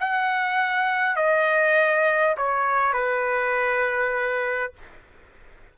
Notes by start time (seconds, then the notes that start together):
0.00 F#5
1.17 D#5
2.38 C#5
2.93 B4